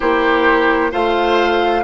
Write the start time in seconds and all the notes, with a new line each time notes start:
0.00 A#3 E4 G4 C5
0.91 A3 F4 C5 F5